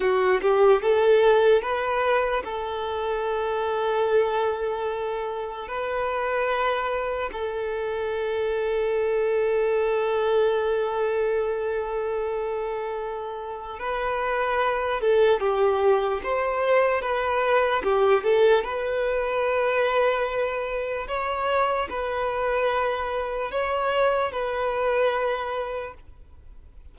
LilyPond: \new Staff \with { instrumentName = "violin" } { \time 4/4 \tempo 4 = 74 fis'8 g'8 a'4 b'4 a'4~ | a'2. b'4~ | b'4 a'2.~ | a'1~ |
a'4 b'4. a'8 g'4 | c''4 b'4 g'8 a'8 b'4~ | b'2 cis''4 b'4~ | b'4 cis''4 b'2 | }